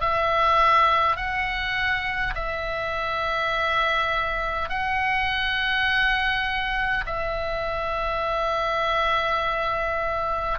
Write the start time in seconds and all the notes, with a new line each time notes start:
0.00 E5
1.16 F#5
2.35 E5
4.69 F#5
7.06 E5